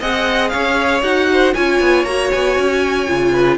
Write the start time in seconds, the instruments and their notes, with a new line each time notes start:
0.00 cello C4, viola G#4, violin D#5 F#5
0.49 cello C#4, violin C#5 F5
1.03 cello D#4, viola F#4, violin F#5
1.33 violin C5
1.54 cello C#4, viola F4, violin C#5 G#5
1.81 cello B3
2.05 cello A#3, viola F#4, violin A#5
2.31 cello B3, violin G#5
2.58 cello C#4
3.08 cello C#3, viola F4
3.32 violin B4